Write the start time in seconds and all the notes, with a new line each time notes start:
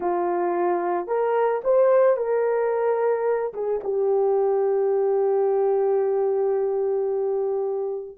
0.00 F4
1.07 A#4
1.63 C5
2.17 A#4
3.53 G#4
3.83 G4